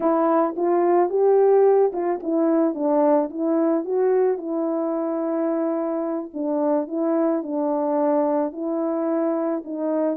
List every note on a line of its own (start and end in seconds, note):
0.00 0.55 E4
0.56 1.09 F4
1.09 1.92 G4
1.92 2.20 F4
2.23 2.74 E4
2.74 3.29 D4
3.30 3.85 E4
3.85 4.37 F#4
4.37 6.30 E4
6.33 6.87 D4
6.87 7.42 E4
7.42 8.52 D4
8.52 9.62 E4
9.64 10.17 D#4